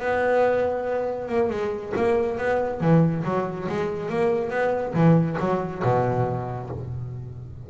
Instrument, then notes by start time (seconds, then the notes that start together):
double bass
0.00 B3
1.29 A#3
1.50 G#3
1.96 A#3
2.38 B3
2.81 E3
3.25 F#3
3.69 G#3
4.09 A#3
4.50 B3
4.94 E3
5.40 F#3
5.84 B2